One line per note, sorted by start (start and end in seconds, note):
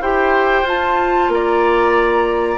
0.00 0.62 E4
0.00 0.65 G4
0.00 1.30 C5
0.00 0.66 G5
0.62 1.26 F4
0.62 2.57 F4
0.62 1.32 A5
1.28 2.57 A#3
1.28 2.57 D5
1.28 2.57 A#5